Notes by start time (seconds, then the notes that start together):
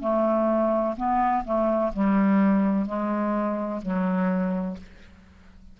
0.00 A3
0.97 B3
1.44 A3
1.93 G3
2.86 G#3
3.82 F#3